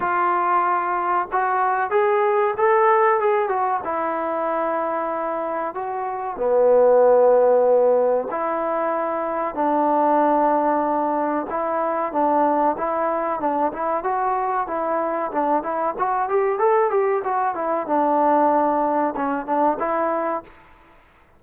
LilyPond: \new Staff \with { instrumentName = "trombone" } { \time 4/4 \tempo 4 = 94 f'2 fis'4 gis'4 | a'4 gis'8 fis'8 e'2~ | e'4 fis'4 b2~ | b4 e'2 d'4~ |
d'2 e'4 d'4 | e'4 d'8 e'8 fis'4 e'4 | d'8 e'8 fis'8 g'8 a'8 g'8 fis'8 e'8 | d'2 cis'8 d'8 e'4 | }